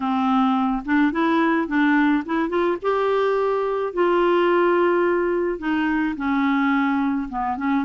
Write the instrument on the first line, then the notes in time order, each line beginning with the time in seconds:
clarinet
0.00 C4
0.85 D4
1.11 E4
1.67 D4
2.25 E4
2.49 F4
2.82 G4
3.93 F4
5.58 D#4
6.16 C#4
7.29 B3
7.57 C#4